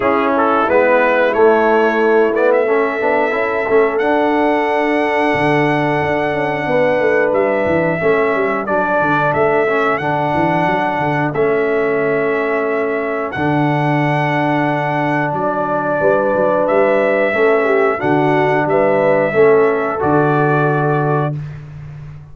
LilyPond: <<
  \new Staff \with { instrumentName = "trumpet" } { \time 4/4 \tempo 4 = 90 gis'8 a'8 b'4 cis''4. d''16 e''16~ | e''2 fis''2~ | fis''2. e''4~ | e''4 d''4 e''4 fis''4~ |
fis''4 e''2. | fis''2. d''4~ | d''4 e''2 fis''4 | e''2 d''2 | }
  \new Staff \with { instrumentName = "horn" } { \time 4/4 e'1 | a'1~ | a'2 b'2 | a'1~ |
a'1~ | a'1 | b'2 a'8 g'8 fis'4 | b'4 a'2. | }
  \new Staff \with { instrumentName = "trombone" } { \time 4/4 cis'4 b4 a4. b8 | cis'8 d'8 e'8 cis'8 d'2~ | d'1 | cis'4 d'4. cis'8 d'4~ |
d'4 cis'2. | d'1~ | d'2 cis'4 d'4~ | d'4 cis'4 fis'2 | }
  \new Staff \with { instrumentName = "tuba" } { \time 4/4 cis'4 gis4 a2~ | a8 b8 cis'8 a8 d'2 | d4 d'8 cis'8 b8 a8 g8 e8 | a8 g8 fis8 d8 a4 d8 e8 |
fis8 d8 a2. | d2. fis4 | g8 fis8 g4 a4 d4 | g4 a4 d2 | }
>>